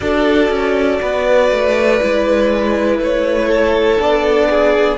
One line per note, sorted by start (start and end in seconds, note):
0.00 0.49 D4
0.00 1.99 F#4
0.00 1.01 A4
0.00 2.99 D5
0.49 0.99 C#4
1.01 1.50 B3
1.01 3.48 B4
1.50 2.00 A3
1.99 2.98 G#3
1.99 3.98 E4
2.98 3.98 A3
2.98 4.01 C#5
3.48 4.48 A4
3.98 4.98 B3
3.98 4.98 D4
3.98 4.98 D5
4.49 4.98 G#4